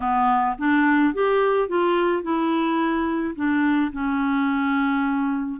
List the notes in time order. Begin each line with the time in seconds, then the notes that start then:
0.00 B3
0.58 D4
1.14 G4
1.68 F4
2.23 E4
3.35 D4
3.92 C#4